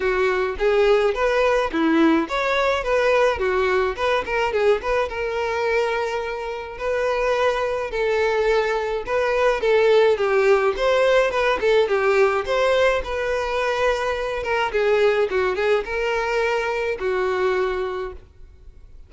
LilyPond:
\new Staff \with { instrumentName = "violin" } { \time 4/4 \tempo 4 = 106 fis'4 gis'4 b'4 e'4 | cis''4 b'4 fis'4 b'8 ais'8 | gis'8 b'8 ais'2. | b'2 a'2 |
b'4 a'4 g'4 c''4 | b'8 a'8 g'4 c''4 b'4~ | b'4. ais'8 gis'4 fis'8 gis'8 | ais'2 fis'2 | }